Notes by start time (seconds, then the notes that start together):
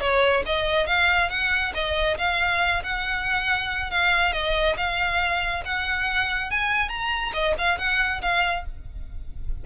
0.00 C#5
0.46 D#5
0.86 F5
1.29 F#5
1.74 D#5
2.18 F5
2.83 F#5
3.90 F5
4.33 D#5
4.77 F5
5.65 F#5
6.50 G#5
6.89 A#5
7.33 D#5
7.58 F5
7.78 F#5
8.22 F5